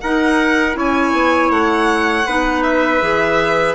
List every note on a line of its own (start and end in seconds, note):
0.00 0.75 D#4
0.00 0.73 D#4
0.00 0.77 A#4
0.00 0.75 F#5
0.73 1.12 C#4
0.73 2.23 E4
0.73 2.26 C#5
0.73 1.51 G#5
1.12 1.50 B3
1.50 2.25 A3
1.50 2.62 F#5
2.26 3.01 B3
2.26 3.00 D#4
2.26 3.75 B4
2.62 3.75 E5
3.00 3.75 E3
3.00 3.75 G#4